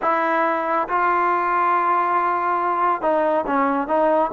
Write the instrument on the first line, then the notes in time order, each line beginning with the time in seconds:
trombone
0.01 E4
0.88 F4
3.01 D#4
3.46 C#4
3.87 D#4